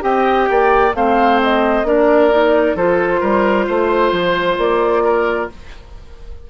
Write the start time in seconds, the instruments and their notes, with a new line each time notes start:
0.00 bassoon C4, clarinet G4, oboe D#5, flute G5
0.49 bassoon A#3, oboe D5
0.93 bassoon A3, clarinet C4, oboe C5, flute F5
1.42 flute D#5
1.83 bassoon A#3, clarinet D4, oboe A#4, flute D5
2.30 clarinet D#4
2.75 bassoon F3, clarinet F4, oboe A4, flute C5
3.20 bassoon G3, oboe A#4
3.66 bassoon A3, oboe C5
4.11 bassoon F3
4.57 bassoon A#3, flute D5
5.04 oboe A#4